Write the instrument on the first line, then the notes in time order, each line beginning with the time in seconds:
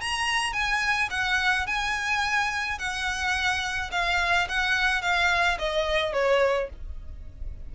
violin
0.00 A#5
0.53 G#5
1.10 F#5
1.66 G#5
2.78 F#5
3.91 F5
4.48 F#5
5.01 F5
5.58 D#5
6.13 C#5